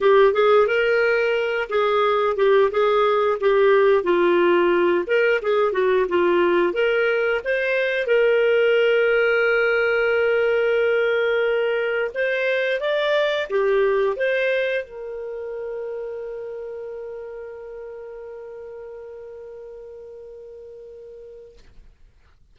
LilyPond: \new Staff \with { instrumentName = "clarinet" } { \time 4/4 \tempo 4 = 89 g'8 gis'8 ais'4. gis'4 g'8 | gis'4 g'4 f'4. ais'8 | gis'8 fis'8 f'4 ais'4 c''4 | ais'1~ |
ais'2 c''4 d''4 | g'4 c''4 ais'2~ | ais'1~ | ais'1 | }